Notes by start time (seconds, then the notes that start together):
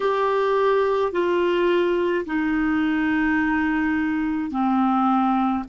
0.00 G4
1.12 F4
2.25 D#4
4.50 C4